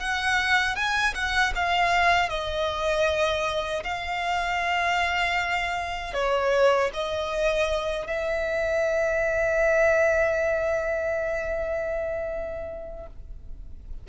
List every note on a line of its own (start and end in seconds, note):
0.00 0.76 F#5
0.76 1.14 G#5
1.15 1.53 F#5
1.56 2.30 F5
2.30 3.84 D#5
3.84 6.14 F5
6.14 6.91 C#5
6.94 8.07 D#5
8.07 13.07 E5